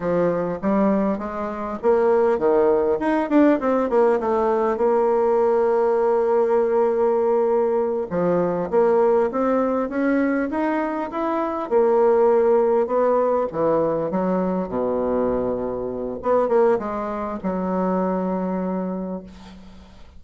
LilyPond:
\new Staff \with { instrumentName = "bassoon" } { \time 4/4 \tempo 4 = 100 f4 g4 gis4 ais4 | dis4 dis'8 d'8 c'8 ais8 a4 | ais1~ | ais4. f4 ais4 c'8~ |
c'8 cis'4 dis'4 e'4 ais8~ | ais4. b4 e4 fis8~ | fis8 b,2~ b,8 b8 ais8 | gis4 fis2. | }